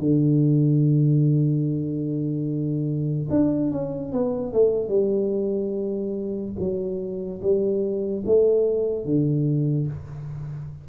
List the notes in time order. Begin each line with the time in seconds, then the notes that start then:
0.00 D3
3.31 D4
3.72 C#4
4.13 B3
4.54 A3
4.89 G3
6.60 F#3
7.42 G3
8.27 A3
9.06 D3